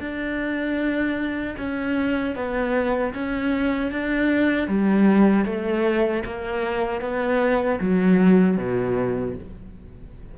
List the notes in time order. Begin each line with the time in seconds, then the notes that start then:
0.00 D4
1.58 C#4
2.36 B3
3.14 C#4
3.92 D4
4.68 G3
5.45 A3
6.26 A#3
7.01 B3
7.80 F#3
8.57 B2